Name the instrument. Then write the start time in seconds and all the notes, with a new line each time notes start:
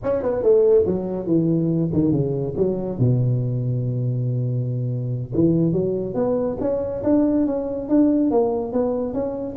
tuba
0.03 C#4
0.22 B3
0.42 A3
0.86 F#3
1.26 E3
1.93 D#3
2.11 C#3
2.56 F#3
2.98 B2
5.34 E3
5.72 F#3
6.14 B3
6.60 C#4
7.03 D4
7.46 C#4
7.89 D4
8.31 A#3
8.72 B3
9.13 C#4